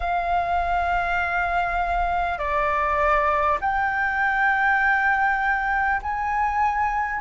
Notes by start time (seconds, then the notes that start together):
0.00 F5
2.38 D5
3.61 G5
6.02 G#5